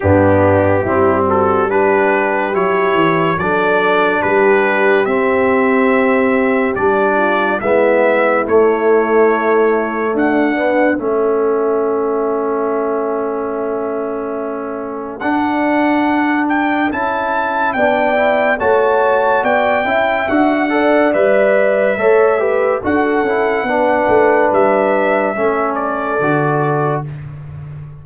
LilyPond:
<<
  \new Staff \with { instrumentName = "trumpet" } { \time 4/4 \tempo 4 = 71 g'4. a'8 b'4 cis''4 | d''4 b'4 e''2 | d''4 e''4 cis''2 | fis''4 e''2.~ |
e''2 fis''4. g''8 | a''4 g''4 a''4 g''4 | fis''4 e''2 fis''4~ | fis''4 e''4. d''4. | }
  \new Staff \with { instrumentName = "horn" } { \time 4/4 d'4 e'8 fis'8 g'2 | a'4 g'2.~ | g'8 f'8 e'2. | d'4 a'2.~ |
a'1~ | a'4 d''4 cis''4 d''8 e''8~ | e''8 d''4. cis''8 b'8 a'4 | b'2 a'2 | }
  \new Staff \with { instrumentName = "trombone" } { \time 4/4 b4 c'4 d'4 e'4 | d'2 c'2 | d'4 b4 a2~ | a8 b8 cis'2.~ |
cis'2 d'2 | e'4 d'8 e'8 fis'4. e'8 | fis'8 a'8 b'4 a'8 g'8 fis'8 e'8 | d'2 cis'4 fis'4 | }
  \new Staff \with { instrumentName = "tuba" } { \time 4/4 g,4 g2 fis8 e8 | fis4 g4 c'2 | g4 gis4 a2 | d'4 a2.~ |
a2 d'2 | cis'4 b4 a4 b8 cis'8 | d'4 g4 a4 d'8 cis'8 | b8 a8 g4 a4 d4 | }
>>